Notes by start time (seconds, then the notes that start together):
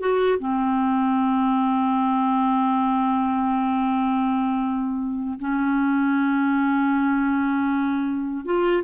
0.00 F#4
0.39 C4
5.39 C#4
8.44 F4